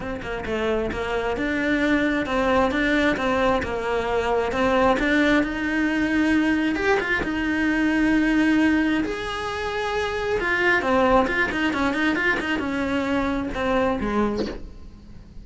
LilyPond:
\new Staff \with { instrumentName = "cello" } { \time 4/4 \tempo 4 = 133 c'8 ais8 a4 ais4 d'4~ | d'4 c'4 d'4 c'4 | ais2 c'4 d'4 | dis'2. g'8 f'8 |
dis'1 | gis'2. f'4 | c'4 f'8 dis'8 cis'8 dis'8 f'8 dis'8 | cis'2 c'4 gis4 | }